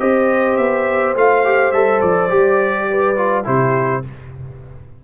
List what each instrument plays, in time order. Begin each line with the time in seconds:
0.00 tuba C4, trombone G4, horn C5, trumpet D#5
0.57 tuba B3, trumpet E5
1.15 tuba A3, trombone F4, trumpet F5
1.45 trombone G4
1.72 tuba G3, trombone A4, trumpet E5
2.01 tuba F3, trumpet D5
2.29 tuba G3, trombone G4
2.90 horn B4
3.17 trombone F4
3.44 tuba C3, trombone E4, horn G4, trumpet C5